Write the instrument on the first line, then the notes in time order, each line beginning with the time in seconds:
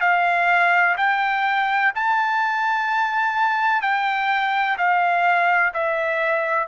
trumpet
0.00 F5
0.97 G5
1.94 A5
3.81 G5
4.77 F5
5.73 E5